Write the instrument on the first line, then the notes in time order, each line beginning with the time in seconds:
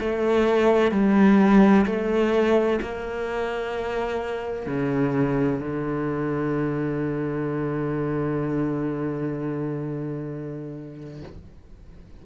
cello
0.00 A3
0.92 G3
1.86 A3
2.81 A#3
4.66 C#3
5.60 D3